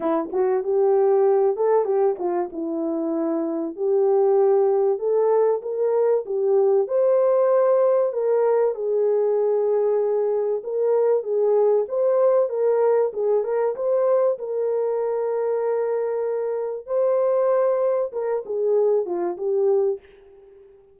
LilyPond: \new Staff \with { instrumentName = "horn" } { \time 4/4 \tempo 4 = 96 e'8 fis'8 g'4. a'8 g'8 f'8 | e'2 g'2 | a'4 ais'4 g'4 c''4~ | c''4 ais'4 gis'2~ |
gis'4 ais'4 gis'4 c''4 | ais'4 gis'8 ais'8 c''4 ais'4~ | ais'2. c''4~ | c''4 ais'8 gis'4 f'8 g'4 | }